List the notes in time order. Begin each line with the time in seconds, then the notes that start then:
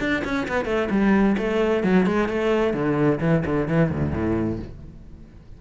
0.00 D4
0.24 C#4
0.48 B3
0.65 A3
0.90 G3
1.38 A3
1.84 F#3
2.06 G#3
2.28 A3
2.74 D3
3.21 E3
3.46 D3
3.68 E3
3.90 D2
4.13 A2